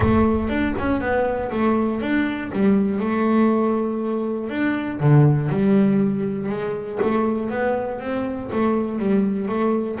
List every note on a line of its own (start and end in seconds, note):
0.00 0.49 A3
0.49 0.74 D4
0.78 1.00 C#4
1.00 1.50 B3
1.51 2.01 A3
2.01 2.51 D4
2.52 2.99 G3
2.99 4.49 A3
4.49 4.99 D4
5.00 5.49 D3
5.49 6.49 G3
6.49 6.99 G#3
7.02 7.50 A3
7.50 8.00 B3
8.00 8.50 C4
8.51 8.99 A3
8.99 9.48 G3
9.48 9.98 A3